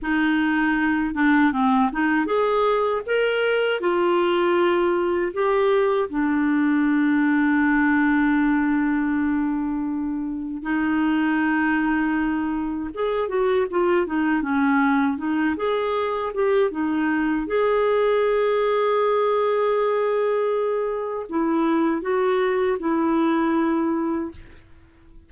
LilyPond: \new Staff \with { instrumentName = "clarinet" } { \time 4/4 \tempo 4 = 79 dis'4. d'8 c'8 dis'8 gis'4 | ais'4 f'2 g'4 | d'1~ | d'2 dis'2~ |
dis'4 gis'8 fis'8 f'8 dis'8 cis'4 | dis'8 gis'4 g'8 dis'4 gis'4~ | gis'1 | e'4 fis'4 e'2 | }